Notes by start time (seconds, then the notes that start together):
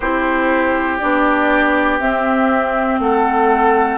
0.00 C4 E4 G4 C5
0.98 B3 D4 D5
1.99 C4 E5
2.99 A3 A4 F#5